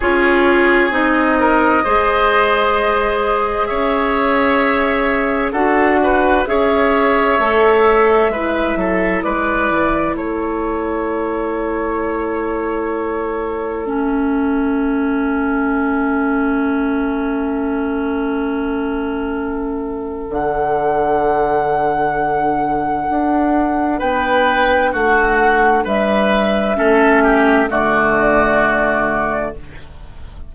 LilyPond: <<
  \new Staff \with { instrumentName = "flute" } { \time 4/4 \tempo 4 = 65 cis''4 dis''2. | e''2 fis''4 e''4~ | e''2 d''4 cis''4~ | cis''2. e''4~ |
e''1~ | e''2 fis''2~ | fis''2 g''4 fis''4 | e''2 d''2 | }
  \new Staff \with { instrumentName = "oboe" } { \time 4/4 gis'4. ais'8 c''2 | cis''2 a'8 b'8 cis''4~ | cis''4 b'8 a'8 b'4 a'4~ | a'1~ |
a'1~ | a'1~ | a'2 b'4 fis'4 | b'4 a'8 g'8 fis'2 | }
  \new Staff \with { instrumentName = "clarinet" } { \time 4/4 f'4 dis'4 gis'2~ | gis'2 fis'4 gis'4 | a'4 e'2.~ | e'2. cis'4~ |
cis'1~ | cis'2 d'2~ | d'1~ | d'4 cis'4 a2 | }
  \new Staff \with { instrumentName = "bassoon" } { \time 4/4 cis'4 c'4 gis2 | cis'2 d'4 cis'4 | a4 gis8 fis8 gis8 e8 a4~ | a1~ |
a1~ | a2 d2~ | d4 d'4 b4 a4 | g4 a4 d2 | }
>>